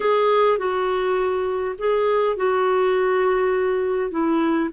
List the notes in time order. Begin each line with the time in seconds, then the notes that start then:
0.00 G#4
0.57 F#4
1.78 G#4
2.36 F#4
4.10 E4